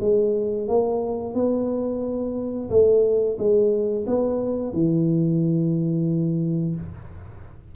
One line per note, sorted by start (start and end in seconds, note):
0.00 0.67 G#3
0.68 1.34 A#3
1.34 2.69 B3
2.70 3.37 A3
3.38 4.05 G#3
4.06 4.73 B3
4.73 6.75 E3